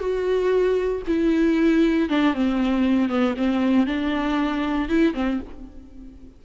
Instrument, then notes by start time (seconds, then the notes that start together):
viola
0.00 F#4
1.08 E4
2.10 D4
2.35 C4
3.09 B3
3.37 C4
3.87 D4
4.89 E4
5.15 C4